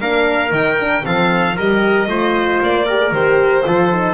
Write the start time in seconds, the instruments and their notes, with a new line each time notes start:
0.00 double bass A#3, horn D4, trumpet A#4, violin F5
0.51 double bass D#3, horn D#4, violin G5
0.80 horn D4
1.02 double bass F3, horn C4, trumpet A4, violin F5
1.56 double bass G3, horn G4, trumpet A#4, violin D#5
2.07 double bass A3, horn F4, trumpet C5
2.61 double bass A#3, violin D5
2.86 horn G4, trumpet A#4
2.98 horn G#4
3.12 double bass D#3, horn G4, violin C5
3.65 double bass F3, horn F4, trumpet A4
3.91 horn D#4